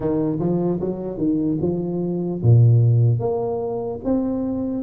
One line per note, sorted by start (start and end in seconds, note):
0.00 0.38 D#3
0.39 0.79 F3
0.80 1.17 F#3
1.17 1.57 D#3
1.61 2.41 F3
2.42 3.19 A#2
3.19 3.99 A#3
4.04 4.83 C4